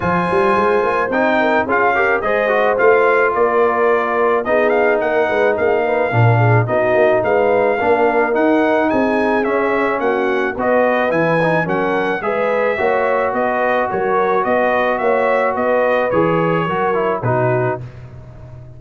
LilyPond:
<<
  \new Staff \with { instrumentName = "trumpet" } { \time 4/4 \tempo 4 = 108 gis''2 g''4 f''4 | dis''4 f''4 d''2 | dis''8 f''8 fis''4 f''2 | dis''4 f''2 fis''4 |
gis''4 e''4 fis''4 dis''4 | gis''4 fis''4 e''2 | dis''4 cis''4 dis''4 e''4 | dis''4 cis''2 b'4 | }
  \new Staff \with { instrumentName = "horn" } { \time 4/4 c''2~ c''8 ais'8 gis'8 ais'8 | c''2 ais'2 | gis'4 ais'8 b'8 gis'8 b'8 ais'8 gis'8 | fis'4 b'4 ais'2 |
gis'2 fis'4 b'4~ | b'4 ais'4 b'4 cis''4 | b'4 ais'4 b'4 cis''4 | b'2 ais'4 fis'4 | }
  \new Staff \with { instrumentName = "trombone" } { \time 4/4 f'2 dis'4 f'8 g'8 | gis'8 fis'8 f'2. | dis'2. d'4 | dis'2 d'4 dis'4~ |
dis'4 cis'2 fis'4 | e'8 dis'8 cis'4 gis'4 fis'4~ | fis'1~ | fis'4 gis'4 fis'8 e'8 dis'4 | }
  \new Staff \with { instrumentName = "tuba" } { \time 4/4 f8 g8 gis8 ais8 c'4 cis'4 | gis4 a4 ais2 | b4 ais8 gis8 ais4 ais,4 | b8 ais8 gis4 ais4 dis'4 |
c'4 cis'4 ais4 b4 | e4 fis4 gis4 ais4 | b4 fis4 b4 ais4 | b4 e4 fis4 b,4 | }
>>